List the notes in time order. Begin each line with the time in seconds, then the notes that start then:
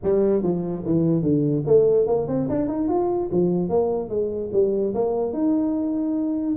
0.03 G3
0.42 F3
0.85 E3
1.22 D3
1.66 A3
2.07 A#3
2.27 C4
2.49 D4
2.67 D#4
2.88 F4
3.31 F3
3.69 A#3
4.09 G#3
4.52 G3
4.94 A#3
5.33 D#4